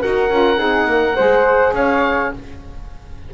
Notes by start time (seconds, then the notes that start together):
0.00 D#4 F#4 A#4 F#5
0.30 C#4 F4
0.56 C4 D#4 G#4
0.86 A#3 A#4
1.16 G#3 G#4 C5
1.72 C#4 C#5 F5